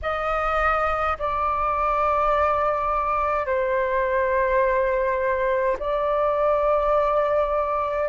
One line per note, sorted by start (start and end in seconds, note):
0.02 1.17 D#5
1.19 3.46 D5
3.46 5.76 C5
5.78 8.09 D5